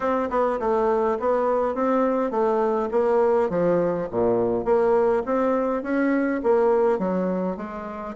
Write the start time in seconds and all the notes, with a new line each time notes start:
0.00 C4
0.29 B3
0.59 A3
1.19 B3
1.74 C4
2.31 A3
2.91 A#3
3.49 F3
4.11 A#2
4.64 A#3
5.25 C4
5.83 C#4
6.43 A#3
6.98 F#3
7.56 G#3